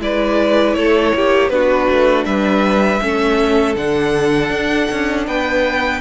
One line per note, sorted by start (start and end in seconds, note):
0.00 0.75 G#3
0.00 1.50 E4
0.00 0.76 B4
0.00 0.74 D5
0.74 1.12 A3
0.74 1.14 A4
0.74 1.49 C#5
1.15 1.50 A#3
1.15 1.53 G4
1.49 1.87 B3
1.49 3.01 D4
1.49 2.27 F#4
1.49 2.24 B4
1.90 2.25 A3
2.25 3.00 G3
2.25 3.02 B4
2.25 3.75 E5
3.01 3.75 A3
3.01 3.76 C#4
3.01 5.27 A4
3.75 4.50 D3
3.75 6.01 D4
3.75 5.27 F#5
4.50 4.88 D4
4.91 5.27 C#4
5.27 6.01 B3
5.27 6.01 B4
5.27 6.01 G5